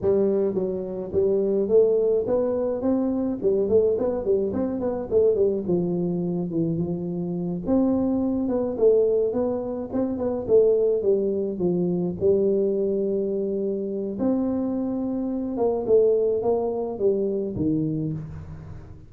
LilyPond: \new Staff \with { instrumentName = "tuba" } { \time 4/4 \tempo 4 = 106 g4 fis4 g4 a4 | b4 c'4 g8 a8 b8 g8 | c'8 b8 a8 g8 f4. e8 | f4. c'4. b8 a8~ |
a8 b4 c'8 b8 a4 g8~ | g8 f4 g2~ g8~ | g4 c'2~ c'8 ais8 | a4 ais4 g4 dis4 | }